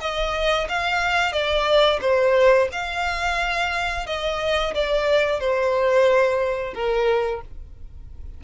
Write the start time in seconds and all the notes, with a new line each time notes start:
0.00 D#5
0.69 F5
1.32 D5
2.01 C5
2.72 F5
4.06 D#5
4.74 D5
5.40 C5
6.74 A#4